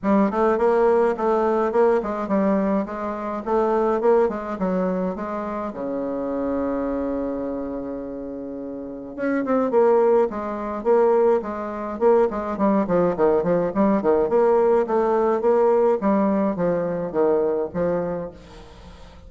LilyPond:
\new Staff \with { instrumentName = "bassoon" } { \time 4/4 \tempo 4 = 105 g8 a8 ais4 a4 ais8 gis8 | g4 gis4 a4 ais8 gis8 | fis4 gis4 cis2~ | cis1 |
cis'8 c'8 ais4 gis4 ais4 | gis4 ais8 gis8 g8 f8 dis8 f8 | g8 dis8 ais4 a4 ais4 | g4 f4 dis4 f4 | }